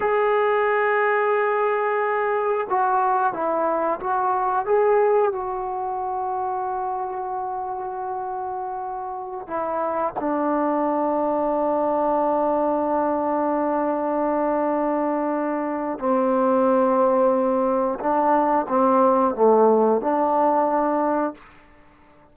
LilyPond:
\new Staff \with { instrumentName = "trombone" } { \time 4/4 \tempo 4 = 90 gis'1 | fis'4 e'4 fis'4 gis'4 | fis'1~ | fis'2~ fis'16 e'4 d'8.~ |
d'1~ | d'1 | c'2. d'4 | c'4 a4 d'2 | }